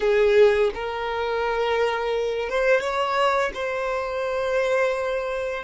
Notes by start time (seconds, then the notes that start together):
0.00 G#4
0.74 A#4
2.49 C5
2.80 C#5
3.54 C5